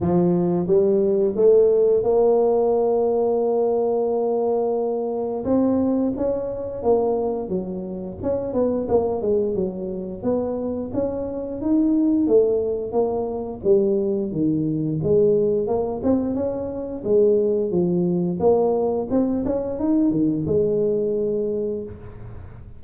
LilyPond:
\new Staff \with { instrumentName = "tuba" } { \time 4/4 \tempo 4 = 88 f4 g4 a4 ais4~ | ais1 | c'4 cis'4 ais4 fis4 | cis'8 b8 ais8 gis8 fis4 b4 |
cis'4 dis'4 a4 ais4 | g4 dis4 gis4 ais8 c'8 | cis'4 gis4 f4 ais4 | c'8 cis'8 dis'8 dis8 gis2 | }